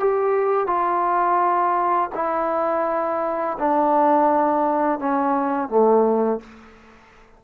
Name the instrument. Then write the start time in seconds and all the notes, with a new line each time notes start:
trombone
0.00 G4
0.67 F4
2.15 E4
3.59 D4
5.00 C#4
5.69 A3